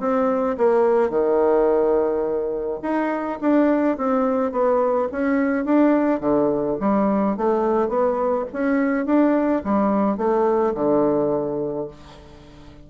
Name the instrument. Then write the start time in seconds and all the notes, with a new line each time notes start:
bassoon
0.00 C4
0.58 A#3
1.10 D#3
2.82 D#4
3.41 D4
3.98 C4
4.52 B3
5.12 C#4
5.65 D4
6.20 D3
6.80 G3
7.37 A3
7.89 B3
8.53 C#4
9.06 D4
9.64 G3
10.17 A3
10.74 D3